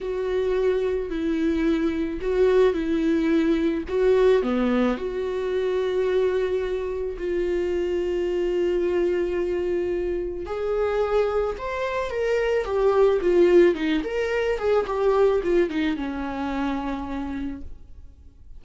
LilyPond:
\new Staff \with { instrumentName = "viola" } { \time 4/4 \tempo 4 = 109 fis'2 e'2 | fis'4 e'2 fis'4 | b4 fis'2.~ | fis'4 f'2.~ |
f'2. gis'4~ | gis'4 c''4 ais'4 g'4 | f'4 dis'8 ais'4 gis'8 g'4 | f'8 dis'8 cis'2. | }